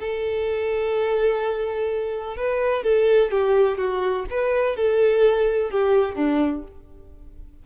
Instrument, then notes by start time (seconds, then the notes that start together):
violin
0.00 A4
2.37 B4
2.84 A4
3.32 G4
3.78 F#4
4.31 B4
4.76 A4
5.71 G4
6.15 D4